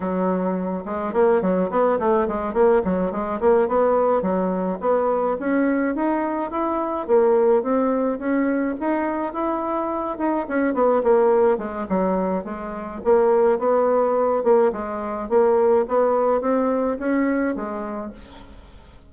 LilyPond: \new Staff \with { instrumentName = "bassoon" } { \time 4/4 \tempo 4 = 106 fis4. gis8 ais8 fis8 b8 a8 | gis8 ais8 fis8 gis8 ais8 b4 fis8~ | fis8 b4 cis'4 dis'4 e'8~ | e'8 ais4 c'4 cis'4 dis'8~ |
dis'8 e'4. dis'8 cis'8 b8 ais8~ | ais8 gis8 fis4 gis4 ais4 | b4. ais8 gis4 ais4 | b4 c'4 cis'4 gis4 | }